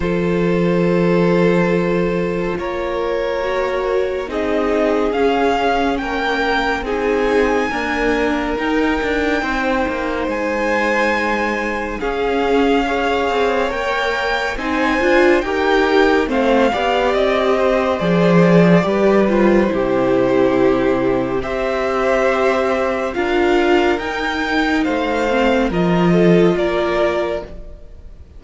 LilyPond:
<<
  \new Staff \with { instrumentName = "violin" } { \time 4/4 \tempo 4 = 70 c''2. cis''4~ | cis''4 dis''4 f''4 g''4 | gis''2 g''2 | gis''2 f''2 |
g''4 gis''4 g''4 f''4 | dis''4 d''4. c''4.~ | c''4 e''2 f''4 | g''4 f''4 dis''4 d''4 | }
  \new Staff \with { instrumentName = "violin" } { \time 4/4 a'2. ais'4~ | ais'4 gis'2 ais'4 | gis'4 ais'2 c''4~ | c''2 gis'4 cis''4~ |
cis''4 c''4 ais'4 c''8 d''8~ | d''8 c''4. b'4 g'4~ | g'4 c''2 ais'4~ | ais'4 c''4 ais'8 a'8 ais'4 | }
  \new Staff \with { instrumentName = "viola" } { \time 4/4 f'1 | fis'4 dis'4 cis'2 | dis'4 ais4 dis'2~ | dis'2 cis'4 gis'4 |
ais'4 dis'8 f'8 g'4 c'8 g'8~ | g'4 gis'4 g'8 f'8 e'4~ | e'4 g'2 f'4 | dis'4. c'8 f'2 | }
  \new Staff \with { instrumentName = "cello" } { \time 4/4 f2. ais4~ | ais4 c'4 cis'4 ais4 | c'4 d'4 dis'8 d'8 c'8 ais8 | gis2 cis'4. c'8 |
ais4 c'8 d'8 dis'4 a8 b8 | c'4 f4 g4 c4~ | c4 c'2 d'4 | dis'4 a4 f4 ais4 | }
>>